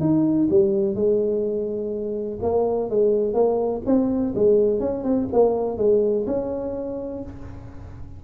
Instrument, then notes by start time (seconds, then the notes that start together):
tuba
0.00 D#4
0.50 G3
0.95 G#3
2.42 A#3
2.90 G#3
3.34 A#3
3.86 C4
4.35 G#3
4.80 C#4
5.04 C4
5.32 A#3
5.78 G#3
6.27 C#4